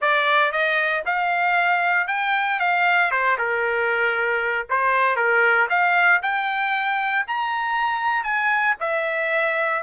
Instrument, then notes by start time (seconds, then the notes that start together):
trumpet
0.01 D5
0.51 D#5
1.05 F5
2.07 G5
2.59 F5
3.11 C5
3.38 A#4
4.69 C5
5.16 A#4
5.69 F5
6.22 G5
7.27 A#5
8.23 G#5
8.80 E5